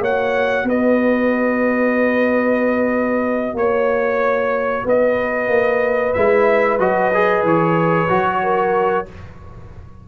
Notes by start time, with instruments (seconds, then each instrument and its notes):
0.00 tuba A#3, trombone F#4, horn C#5, trumpet F#5
0.63 tuba B3, horn B4, trumpet D#5
3.53 tuba A#3, trumpet C#5, horn C#5
4.84 tuba B3, horn B4, trumpet D#5
5.48 tuba A#3
6.13 tuba G#3, trombone E4, trumpet E5
6.78 tuba F#3, trombone F#4, trumpet D#5
7.14 trombone G#4
7.43 tuba E3, trumpet C#5
8.08 tuba F#3, trombone F#4
8.42 horn A#4